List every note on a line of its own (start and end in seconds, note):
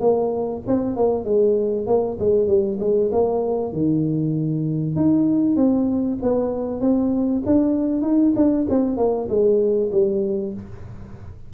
0.00 0.62 A#3
0.67 0.96 C4
0.96 1.25 A#3
1.25 1.86 G#3
1.87 2.18 A#3
2.19 2.47 G#3
2.47 2.78 G3
2.80 3.11 G#3
3.12 3.73 A#3
3.73 4.96 D#3
4.96 5.56 D#4
5.56 6.18 C4
6.22 6.80 B3
6.80 7.42 C4
7.46 8.02 D4
8.02 8.33 D#4
8.36 8.67 D4
8.69 8.97 C4
8.97 9.28 A#3
9.29 9.91 G#3
9.92 10.54 G3